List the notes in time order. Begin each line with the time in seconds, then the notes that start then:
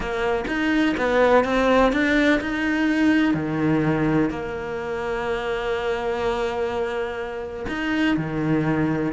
0.00 A#3
0.47 D#4
0.97 B3
1.44 C4
1.92 D4
2.40 D#4
3.34 D#3
4.30 A#3
7.68 D#4
8.16 D#3